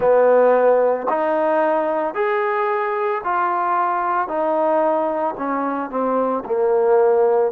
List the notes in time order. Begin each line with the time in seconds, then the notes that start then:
0.00 B3
1.09 D#4
2.14 G#4
3.24 F4
4.28 D#4
5.37 C#4
5.90 C4
6.45 A#3